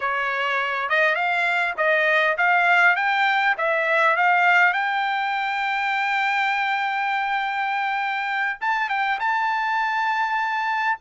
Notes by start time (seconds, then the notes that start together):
0.00 C#5
0.89 D#5
1.15 F5
1.77 D#5
2.37 F5
2.96 G5
3.57 E5
4.16 F5
4.73 G5
8.60 A5
8.89 G5
9.19 A5